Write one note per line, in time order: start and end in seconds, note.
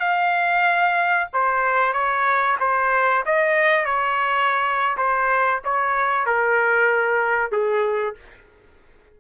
0.00 1.28 F5
1.33 1.93 C5
1.93 2.57 C#5
2.60 3.24 C5
3.26 3.85 D#5
3.85 4.97 C#5
4.97 5.61 C5
5.64 6.26 C#5
6.26 7.52 A#4
7.52 8.16 G#4